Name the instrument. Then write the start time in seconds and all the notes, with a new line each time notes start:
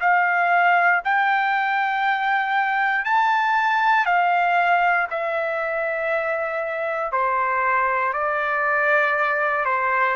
trumpet
0.00 F5
1.04 G5
3.05 A5
4.05 F5
5.10 E5
7.12 C5
8.13 D5
9.65 C5